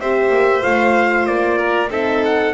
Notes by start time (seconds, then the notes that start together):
0.00 C4 G4 C5 E5
0.29 A#3
0.62 A3 F4 F5
1.26 A#3 D5
1.57 A#4
1.89 C4 D#4 A4 E5
2.24 F#5